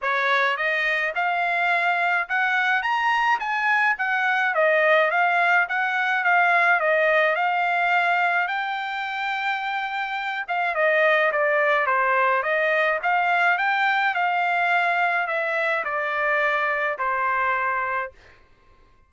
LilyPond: \new Staff \with { instrumentName = "trumpet" } { \time 4/4 \tempo 4 = 106 cis''4 dis''4 f''2 | fis''4 ais''4 gis''4 fis''4 | dis''4 f''4 fis''4 f''4 | dis''4 f''2 g''4~ |
g''2~ g''8 f''8 dis''4 | d''4 c''4 dis''4 f''4 | g''4 f''2 e''4 | d''2 c''2 | }